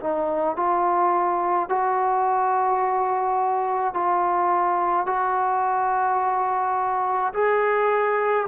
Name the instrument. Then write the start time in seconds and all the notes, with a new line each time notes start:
trombone
0.00 D#4
0.57 F4
1.69 F#4
3.94 F4
5.06 F#4
7.34 G#4